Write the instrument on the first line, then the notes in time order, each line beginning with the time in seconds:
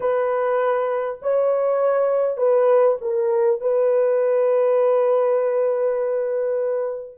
horn
0.00 B4
1.22 C#5
2.37 B4
3.01 A#4
3.60 B4